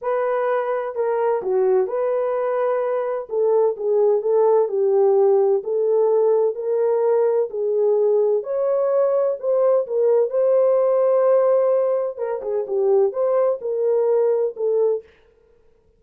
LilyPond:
\new Staff \with { instrumentName = "horn" } { \time 4/4 \tempo 4 = 128 b'2 ais'4 fis'4 | b'2. a'4 | gis'4 a'4 g'2 | a'2 ais'2 |
gis'2 cis''2 | c''4 ais'4 c''2~ | c''2 ais'8 gis'8 g'4 | c''4 ais'2 a'4 | }